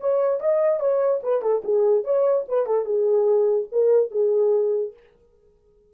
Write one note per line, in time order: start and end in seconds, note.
0.00 0.40 C#5
0.40 0.80 D#5
0.80 1.21 C#5
1.23 1.42 B4
1.42 1.62 A4
1.64 2.04 G#4
2.04 2.45 C#5
2.48 2.66 B4
2.66 2.85 A4
2.85 3.67 G#4
3.72 4.11 A#4
4.11 4.93 G#4